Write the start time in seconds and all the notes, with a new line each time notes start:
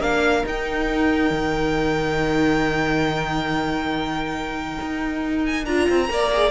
0.00 A#3 D4 A#4 F5
0.44 D#4 G5
1.31 D#3
4.81 D#4
5.46 G#5
5.65 D4 F4 A#5
5.89 C4
6.08 A#3 A#4 D5
6.33 G#4